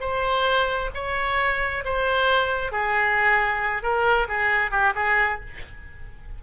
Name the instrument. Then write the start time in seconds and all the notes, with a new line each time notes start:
oboe
0.00 C5
0.94 C#5
1.84 C5
2.72 G#4
3.82 A#4
4.28 G#4
4.71 G4
4.95 G#4